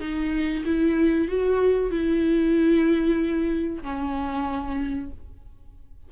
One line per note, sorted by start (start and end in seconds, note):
0.00 0.64 D#4
0.65 1.28 E4
1.28 1.91 F#4
1.91 3.82 E4
3.82 5.10 C#4